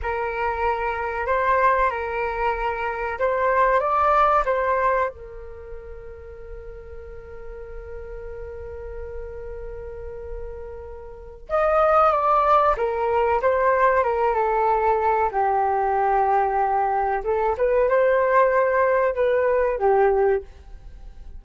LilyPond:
\new Staff \with { instrumentName = "flute" } { \time 4/4 \tempo 4 = 94 ais'2 c''4 ais'4~ | ais'4 c''4 d''4 c''4 | ais'1~ | ais'1~ |
ais'2 dis''4 d''4 | ais'4 c''4 ais'8 a'4. | g'2. a'8 b'8 | c''2 b'4 g'4 | }